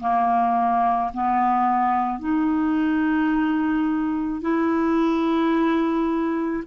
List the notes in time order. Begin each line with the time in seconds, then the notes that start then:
0.00 A#3
1.13 B3
2.19 D#4
4.41 E4